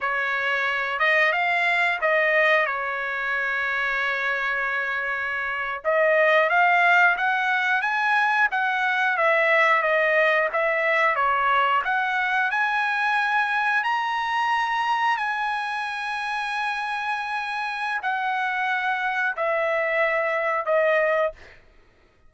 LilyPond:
\new Staff \with { instrumentName = "trumpet" } { \time 4/4 \tempo 4 = 90 cis''4. dis''8 f''4 dis''4 | cis''1~ | cis''8. dis''4 f''4 fis''4 gis''16~ | gis''8. fis''4 e''4 dis''4 e''16~ |
e''8. cis''4 fis''4 gis''4~ gis''16~ | gis''8. ais''2 gis''4~ gis''16~ | gis''2. fis''4~ | fis''4 e''2 dis''4 | }